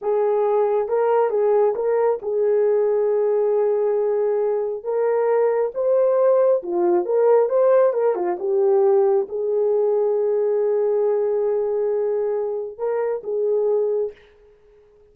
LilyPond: \new Staff \with { instrumentName = "horn" } { \time 4/4 \tempo 4 = 136 gis'2 ais'4 gis'4 | ais'4 gis'2.~ | gis'2. ais'4~ | ais'4 c''2 f'4 |
ais'4 c''4 ais'8 f'8 g'4~ | g'4 gis'2.~ | gis'1~ | gis'4 ais'4 gis'2 | }